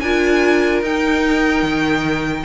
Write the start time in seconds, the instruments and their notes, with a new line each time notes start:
0.00 cello D4, viola F4, violin A#4 G#5
0.82 cello D#4, viola D#4, violin G5
1.63 cello D#3